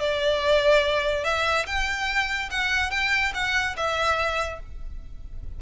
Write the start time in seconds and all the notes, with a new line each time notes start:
0.00 D5
1.24 E5
1.66 G5
2.51 F#5
2.91 G5
3.34 F#5
3.77 E5